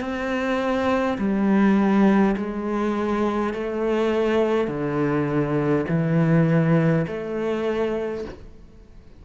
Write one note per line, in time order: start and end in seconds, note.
0.00 1.18 C4
1.18 2.36 G3
2.37 3.54 G#3
3.54 4.68 A3
4.68 5.86 D3
5.89 7.06 E3
7.07 8.25 A3